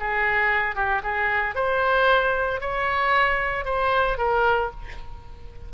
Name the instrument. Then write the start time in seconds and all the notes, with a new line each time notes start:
oboe
0.00 G#4
0.76 G4
1.03 G#4
1.55 C5
2.61 C#5
3.65 C5
4.18 A#4